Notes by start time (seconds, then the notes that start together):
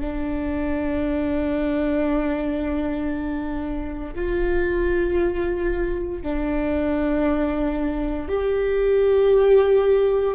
0.00 D4
4.15 F4
6.22 D4
8.28 G4